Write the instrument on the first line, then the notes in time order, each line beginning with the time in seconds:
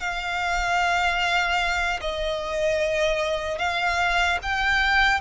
violin
0.00 F5
2.01 D#5
3.59 F5
4.42 G5